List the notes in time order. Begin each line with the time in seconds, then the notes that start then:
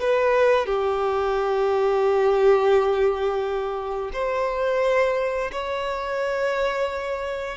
0.00 B4
0.66 G4
4.13 C5
5.51 C#5